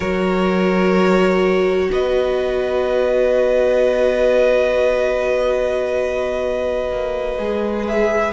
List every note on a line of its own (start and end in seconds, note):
0.00 1.89 F#3
0.00 7.38 F#4
0.00 1.87 A#4
0.00 1.91 C#5
1.92 6.91 B3
1.92 8.32 B4
1.92 7.87 D#5
6.91 7.38 A#3
7.38 8.32 G#3
7.38 8.32 G#4
7.87 8.32 E5